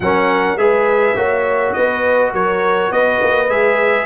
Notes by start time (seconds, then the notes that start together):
0.00 F#3 C#4 A#4 F#5
0.56 G#3 G#4 B4 E5
1.15 A#3 F#4 C#5
1.73 B3 B4 D#5
2.32 F#3 A#4 C#5
2.91 B3 B4 D#5
3.21 A#3
3.48 G#3 G#4 E5